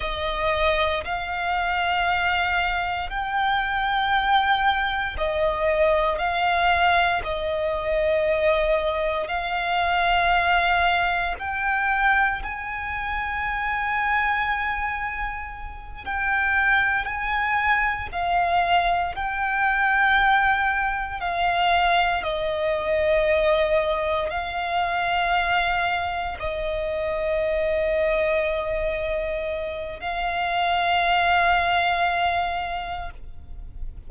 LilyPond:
\new Staff \with { instrumentName = "violin" } { \time 4/4 \tempo 4 = 58 dis''4 f''2 g''4~ | g''4 dis''4 f''4 dis''4~ | dis''4 f''2 g''4 | gis''2.~ gis''8 g''8~ |
g''8 gis''4 f''4 g''4.~ | g''8 f''4 dis''2 f''8~ | f''4. dis''2~ dis''8~ | dis''4 f''2. | }